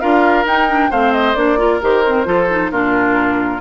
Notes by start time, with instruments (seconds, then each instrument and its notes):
0.00 bassoon D4, clarinet F4, oboe A#4, flute F5
0.45 bassoon D#4, clarinet D#4, flute G5
0.69 clarinet D4
0.91 bassoon A3, clarinet C4, oboe C5, flute F5
1.13 flute D#5
1.35 bassoon A#3, clarinet D4, flute D5
1.58 clarinet F4, oboe A#4
1.82 bassoon D#3, clarinet G4, flute C5
2.06 clarinet C4
2.25 bassoon F3, clarinet F4, oboe A4
2.50 clarinet D#4
2.71 bassoon A#2, clarinet D4, oboe F4, flute A#4